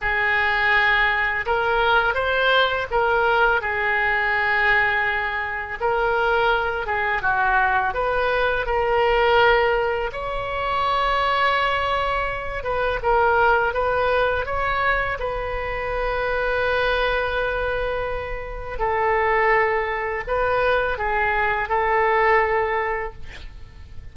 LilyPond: \new Staff \with { instrumentName = "oboe" } { \time 4/4 \tempo 4 = 83 gis'2 ais'4 c''4 | ais'4 gis'2. | ais'4. gis'8 fis'4 b'4 | ais'2 cis''2~ |
cis''4. b'8 ais'4 b'4 | cis''4 b'2.~ | b'2 a'2 | b'4 gis'4 a'2 | }